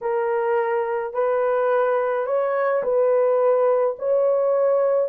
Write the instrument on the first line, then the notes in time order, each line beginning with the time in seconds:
horn
0.01 A#4
1.13 B4
2.26 C#5
2.83 B4
3.98 C#5